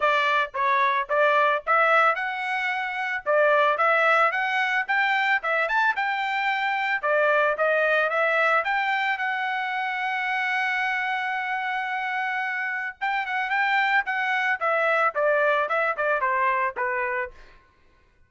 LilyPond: \new Staff \with { instrumentName = "trumpet" } { \time 4/4 \tempo 4 = 111 d''4 cis''4 d''4 e''4 | fis''2 d''4 e''4 | fis''4 g''4 e''8 a''8 g''4~ | g''4 d''4 dis''4 e''4 |
g''4 fis''2.~ | fis''1 | g''8 fis''8 g''4 fis''4 e''4 | d''4 e''8 d''8 c''4 b'4 | }